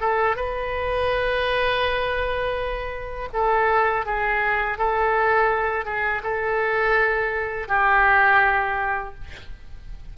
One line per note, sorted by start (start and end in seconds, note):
0.00 0.36 A4
0.36 3.29 B4
3.33 4.05 A4
4.05 4.78 G#4
4.78 5.85 A4
5.85 6.22 G#4
6.23 7.68 A4
7.68 9.14 G4